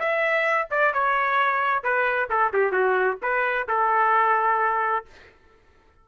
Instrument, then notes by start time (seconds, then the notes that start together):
trumpet
0.00 E5
0.71 D5
0.94 C#5
1.84 B4
2.30 A4
2.53 G4
2.72 F#4
3.22 B4
3.69 A4